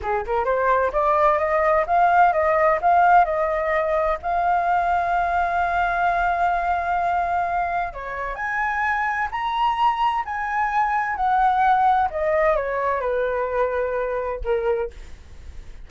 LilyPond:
\new Staff \with { instrumentName = "flute" } { \time 4/4 \tempo 4 = 129 gis'8 ais'8 c''4 d''4 dis''4 | f''4 dis''4 f''4 dis''4~ | dis''4 f''2.~ | f''1~ |
f''4 cis''4 gis''2 | ais''2 gis''2 | fis''2 dis''4 cis''4 | b'2. ais'4 | }